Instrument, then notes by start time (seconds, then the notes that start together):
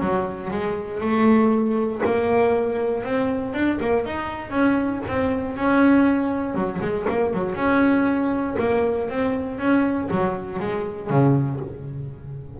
double bass
0.00 F#3
0.50 G#3
1.00 A3
2.05 A#3
3.03 C4
3.54 D4
3.80 A#3
4.05 D#4
4.50 C#4
5.08 C4
5.56 C#4
6.54 F#3
6.81 G#3
7.09 A#3
7.33 F#3
7.55 C#4
8.59 A#3
9.09 C4
9.58 C#4
10.10 F#3
10.59 G#3
11.09 C#3